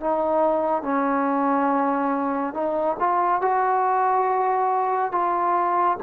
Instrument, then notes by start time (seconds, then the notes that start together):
trombone
0.00 D#4
0.83 C#4
2.54 D#4
2.99 F4
3.41 F#4
5.11 F4